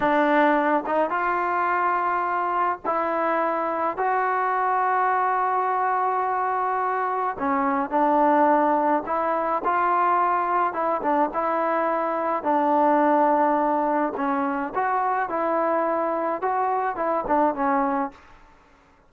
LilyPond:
\new Staff \with { instrumentName = "trombone" } { \time 4/4 \tempo 4 = 106 d'4. dis'8 f'2~ | f'4 e'2 fis'4~ | fis'1~ | fis'4 cis'4 d'2 |
e'4 f'2 e'8 d'8 | e'2 d'2~ | d'4 cis'4 fis'4 e'4~ | e'4 fis'4 e'8 d'8 cis'4 | }